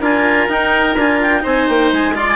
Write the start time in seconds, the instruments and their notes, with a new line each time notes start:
0.00 bassoon D4, cello F4, oboe A#4, clarinet G#5
0.48 bassoon D#4, cello D#4, clarinet G5
0.96 bassoon D4, cello F4, clarinet G#5
1.22 clarinet G5
1.40 bassoon C4, cello D#4, oboe C5, clarinet G#5
1.68 bassoon A#3, clarinet G5
1.92 bassoon G#3, clarinet G#5
2.15 cello F4, oboe D5, clarinet C6
2.28 clarinet G#5